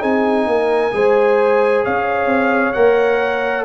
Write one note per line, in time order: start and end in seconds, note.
0.00 0.47 C4
0.00 0.91 D#4
0.00 0.46 G#4
0.00 1.84 G#5
0.47 0.92 A#3
0.47 0.95 A#4
0.92 1.84 G#3
0.92 2.74 G#4
0.92 1.85 C5
1.85 2.26 C#4
1.85 3.65 C#5
1.85 2.73 F5
2.26 2.71 C4
2.73 3.65 A#3
2.73 3.65 A#4
2.73 3.64 F#5